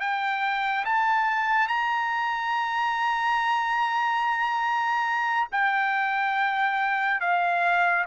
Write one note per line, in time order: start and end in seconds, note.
0.00 0.85 G5
0.85 1.68 A5
1.68 5.48 A#5
5.52 7.21 G5
7.21 8.05 F5